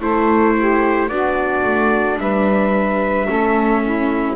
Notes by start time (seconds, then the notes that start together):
0.00 A3 E4 A4 C5
0.58 G4
1.09 B3 D4 F#4 D5
1.64 A3
2.18 G3 B4 E5
3.27 A3 C#4 A4
3.82 E4